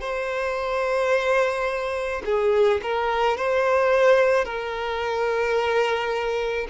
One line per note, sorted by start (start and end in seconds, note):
0.00 2.22 C5
2.25 2.80 G#4
2.82 3.37 A#4
3.37 4.44 C5
4.44 6.67 A#4